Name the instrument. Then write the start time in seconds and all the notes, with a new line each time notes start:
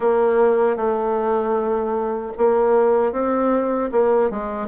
bassoon
0.00 A#3
0.76 A3
2.37 A#3
3.12 C4
3.91 A#3
4.30 G#3